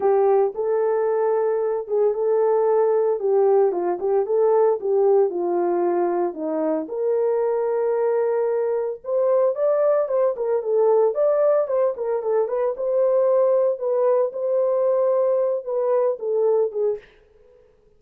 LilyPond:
\new Staff \with { instrumentName = "horn" } { \time 4/4 \tempo 4 = 113 g'4 a'2~ a'8 gis'8 | a'2 g'4 f'8 g'8 | a'4 g'4 f'2 | dis'4 ais'2.~ |
ais'4 c''4 d''4 c''8 ais'8 | a'4 d''4 c''8 ais'8 a'8 b'8 | c''2 b'4 c''4~ | c''4. b'4 a'4 gis'8 | }